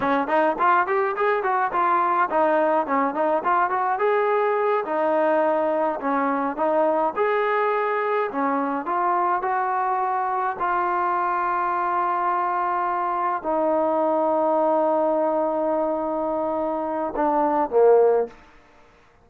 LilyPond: \new Staff \with { instrumentName = "trombone" } { \time 4/4 \tempo 4 = 105 cis'8 dis'8 f'8 g'8 gis'8 fis'8 f'4 | dis'4 cis'8 dis'8 f'8 fis'8 gis'4~ | gis'8 dis'2 cis'4 dis'8~ | dis'8 gis'2 cis'4 f'8~ |
f'8 fis'2 f'4.~ | f'2.~ f'8 dis'8~ | dis'1~ | dis'2 d'4 ais4 | }